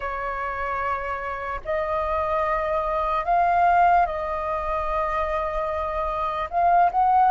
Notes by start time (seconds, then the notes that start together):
0.00 C#5
1.64 D#5
3.24 F5
4.05 D#5
6.49 F5
6.91 F#5